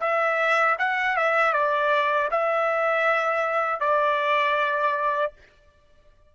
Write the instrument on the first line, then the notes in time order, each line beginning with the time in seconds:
trumpet
0.00 E5
0.78 F#5
1.16 E5
1.53 D5
2.31 E5
3.80 D5